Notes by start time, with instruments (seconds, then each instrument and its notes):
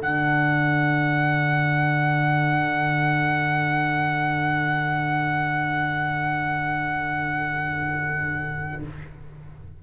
0.00 tuba D3, trombone D4, horn A4, trumpet F#5